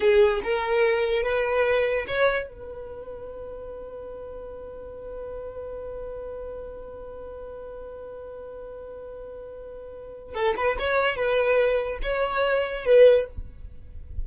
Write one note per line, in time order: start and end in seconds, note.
0.00 0.40 G#4
0.43 1.22 A#4
1.22 2.05 B4
2.07 2.48 C#5
2.48 10.34 B4
10.34 10.55 A4
10.56 10.77 B4
10.78 11.16 C#5
11.16 11.98 B4
12.02 12.85 C#5
12.85 13.26 B4